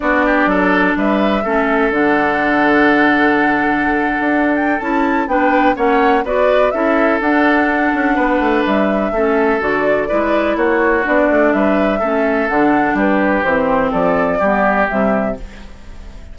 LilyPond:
<<
  \new Staff \with { instrumentName = "flute" } { \time 4/4 \tempo 4 = 125 d''2 e''2 | fis''1~ | fis''4. g''8 a''4 g''4 | fis''4 d''4 e''4 fis''4~ |
fis''2 e''2 | d''2 cis''4 d''4 | e''2 fis''4 b'4 | c''4 d''2 e''4 | }
  \new Staff \with { instrumentName = "oboe" } { \time 4/4 fis'8 g'8 a'4 b'4 a'4~ | a'1~ | a'2. b'4 | cis''4 b'4 a'2~ |
a'4 b'2 a'4~ | a'4 b'4 fis'2 | b'4 a'2 g'4~ | g'4 a'4 g'2 | }
  \new Staff \with { instrumentName = "clarinet" } { \time 4/4 d'2. cis'4 | d'1~ | d'2 e'4 d'4 | cis'4 fis'4 e'4 d'4~ |
d'2. cis'4 | fis'4 e'2 d'4~ | d'4 cis'4 d'2 | c'2 b4 g4 | }
  \new Staff \with { instrumentName = "bassoon" } { \time 4/4 b4 fis4 g4 a4 | d1~ | d8. d'4~ d'16 cis'4 b4 | ais4 b4 cis'4 d'4~ |
d'8 cis'8 b8 a8 g4 a4 | d4 gis4 ais4 b8 a8 | g4 a4 d4 g4 | e4 f4 g4 c4 | }
>>